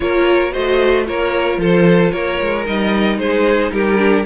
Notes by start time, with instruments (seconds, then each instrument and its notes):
0.00 cello A#3, viola F4, violin A#4 C#5
0.52 cello A3, viola F#4, violin C5 D#5
1.04 cello A#3, viola F4, violin A#4 C#5
1.57 cello F3, violin A4 C5
2.11 cello A#3, violin A#4 C#5
2.41 cello G#3
2.65 cello G3, viola D#4, violin D#5
3.17 cello G#3, violin G#4 C5
3.71 cello G3, violin G4 A#4
3.97 viola D4